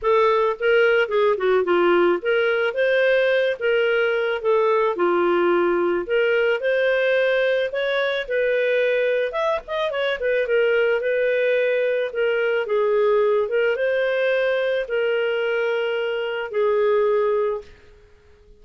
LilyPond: \new Staff \with { instrumentName = "clarinet" } { \time 4/4 \tempo 4 = 109 a'4 ais'4 gis'8 fis'8 f'4 | ais'4 c''4. ais'4. | a'4 f'2 ais'4 | c''2 cis''4 b'4~ |
b'4 e''8 dis''8 cis''8 b'8 ais'4 | b'2 ais'4 gis'4~ | gis'8 ais'8 c''2 ais'4~ | ais'2 gis'2 | }